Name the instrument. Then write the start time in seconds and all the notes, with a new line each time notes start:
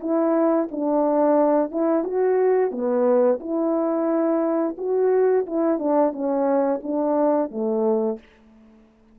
horn
0.00 E4
0.71 D4
1.71 E4
2.04 F#4
2.71 B3
3.40 E4
4.78 F#4
5.46 E4
5.79 D4
6.12 C#4
6.83 D4
7.51 A3